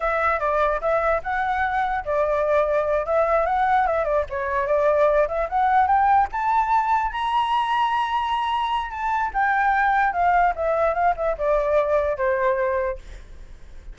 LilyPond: \new Staff \with { instrumentName = "flute" } { \time 4/4 \tempo 4 = 148 e''4 d''4 e''4 fis''4~ | fis''4 d''2~ d''8 e''8~ | e''8 fis''4 e''8 d''8 cis''4 d''8~ | d''4 e''8 fis''4 g''4 a''8~ |
a''4. ais''2~ ais''8~ | ais''2 a''4 g''4~ | g''4 f''4 e''4 f''8 e''8 | d''2 c''2 | }